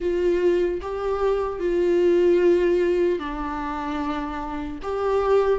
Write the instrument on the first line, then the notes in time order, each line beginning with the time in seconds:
viola
0.00 F4
0.81 G4
1.59 F4
3.19 D4
4.82 G4